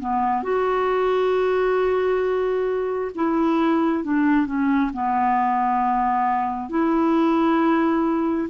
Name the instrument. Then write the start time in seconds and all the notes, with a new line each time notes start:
clarinet
0.00 B3
0.43 F#4
3.15 E4
4.04 D4
4.47 C#4
4.94 B3
6.70 E4